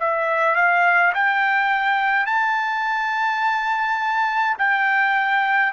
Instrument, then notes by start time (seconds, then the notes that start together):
trumpet
0.00 E5
0.55 F5
1.14 G5
2.26 A5
4.58 G5